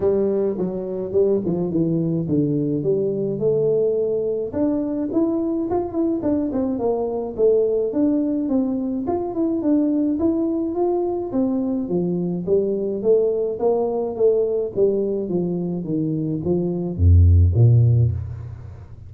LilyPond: \new Staff \with { instrumentName = "tuba" } { \time 4/4 \tempo 4 = 106 g4 fis4 g8 f8 e4 | d4 g4 a2 | d'4 e'4 f'8 e'8 d'8 c'8 | ais4 a4 d'4 c'4 |
f'8 e'8 d'4 e'4 f'4 | c'4 f4 g4 a4 | ais4 a4 g4 f4 | dis4 f4 f,4 ais,4 | }